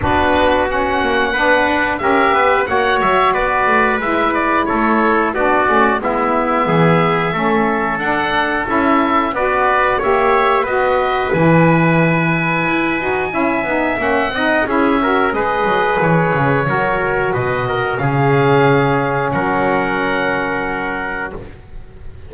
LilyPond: <<
  \new Staff \with { instrumentName = "oboe" } { \time 4/4 \tempo 4 = 90 b'4 fis''2 e''4 | fis''8 e''8 d''4 e''8 d''8 cis''4 | d''4 e''2. | fis''4 e''4 d''4 e''4 |
dis''4 gis''2.~ | gis''4 fis''4 e''4 dis''4 | cis''2 dis''4 f''4~ | f''4 fis''2. | }
  \new Staff \with { instrumentName = "trumpet" } { \time 4/4 fis'2 b'4 ais'8 b'8 | cis''4 b'2 a'4 | fis'4 e'4 gis'4 a'4~ | a'2 b'4 cis''4 |
b'1 | e''4. dis''8 gis'8 ais'8 b'4~ | b'4 ais'4 b'8 ais'8 gis'4~ | gis'4 ais'2. | }
  \new Staff \with { instrumentName = "saxophone" } { \time 4/4 d'4 cis'4 d'4 g'4 | fis'2 e'2 | d'8 cis'8 b2 cis'4 | d'4 e'4 fis'4 g'4 |
fis'4 e'2~ e'8 fis'8 | e'8 dis'8 cis'8 dis'8 e'8 fis'8 gis'4~ | gis'4 fis'2 cis'4~ | cis'1 | }
  \new Staff \with { instrumentName = "double bass" } { \time 4/4 b4. ais8 b8 d'8 cis'8 b8 | ais8 fis8 b8 a8 gis4 a4 | b8 a8 gis4 e4 a4 | d'4 cis'4 b4 ais4 |
b4 e2 e'8 dis'8 | cis'8 b8 ais8 c'8 cis'4 gis8 fis8 | e8 cis8 fis4 b,4 cis4~ | cis4 fis2. | }
>>